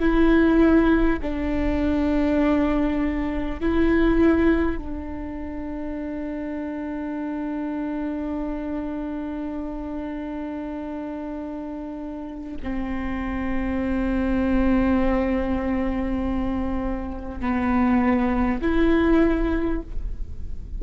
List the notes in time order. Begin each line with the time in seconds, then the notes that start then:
0.00 E4
1.22 D4
3.61 E4
4.78 D4
12.63 C4
17.41 B3
18.62 E4